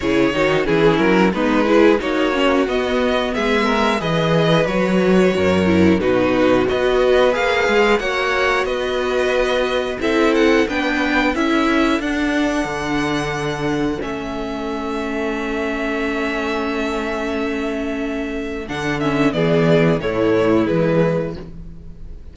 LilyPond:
<<
  \new Staff \with { instrumentName = "violin" } { \time 4/4 \tempo 4 = 90 cis''4 gis'8 ais'8 b'4 cis''4 | dis''4 e''4 dis''4 cis''4~ | cis''4 b'4 dis''4 f''4 | fis''4 dis''2 e''8 fis''8 |
g''4 e''4 fis''2~ | fis''4 e''2.~ | e''1 | fis''8 e''8 d''4 cis''4 b'4 | }
  \new Staff \with { instrumentName = "violin" } { \time 4/4 gis'8 fis'8 e'4 dis'8 gis'8 fis'4~ | fis'4 gis'8 ais'8 b'2 | ais'4 fis'4 b'2 | cis''4 b'2 a'4 |
b'4 a'2.~ | a'1~ | a'1~ | a'4 gis'4 e'2 | }
  \new Staff \with { instrumentName = "viola" } { \time 4/4 e'8 dis'8 cis'4 b8 e'8 dis'8 cis'8 | b2 gis'4 fis'4~ | fis'8 e'8 dis'4 fis'4 gis'4 | fis'2. e'4 |
d'4 e'4 d'2~ | d'4 cis'2.~ | cis'1 | d'8 cis'8 b4 a4 gis4 | }
  \new Staff \with { instrumentName = "cello" } { \time 4/4 cis8 dis8 e8 fis8 gis4 ais4 | b4 gis4 e4 fis4 | fis,4 b,4 b4 ais8 gis8 | ais4 b2 c'4 |
b4 cis'4 d'4 d4~ | d4 a2.~ | a1 | d4 e4 a,4 e4 | }
>>